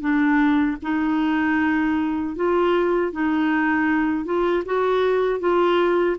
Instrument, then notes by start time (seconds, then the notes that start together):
clarinet
0.00 D4
0.83 D#4
2.36 F4
3.12 D#4
4.25 F4
4.65 F#4
5.40 F4